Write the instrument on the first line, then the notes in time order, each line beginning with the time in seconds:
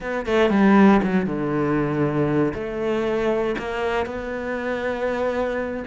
cello
0.00 B3
0.26 A3
0.49 G3
1.03 F#3
1.26 D3
2.54 A3
3.58 A#3
4.05 B3